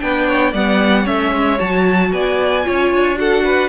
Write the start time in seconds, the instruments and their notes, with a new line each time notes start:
0.00 cello B3, viola D4, violin B4 G5
0.28 violin C#5
0.52 cello G3, viola B3, violin D5 F#5
1.03 cello A3, viola C#4, violin C#5 E5
1.32 cello G#3
1.59 cello F#3, viola F#4, violin A5
2.12 cello B3, violin D5 G#5
2.64 cello C#4, viola F4, violin C#5
2.91 cello D4
3.15 viola F#4, violin A4 F#5
3.44 violin B4